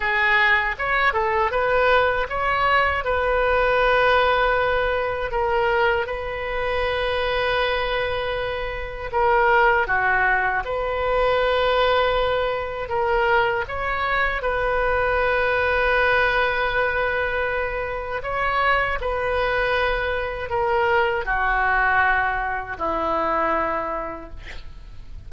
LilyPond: \new Staff \with { instrumentName = "oboe" } { \time 4/4 \tempo 4 = 79 gis'4 cis''8 a'8 b'4 cis''4 | b'2. ais'4 | b'1 | ais'4 fis'4 b'2~ |
b'4 ais'4 cis''4 b'4~ | b'1 | cis''4 b'2 ais'4 | fis'2 e'2 | }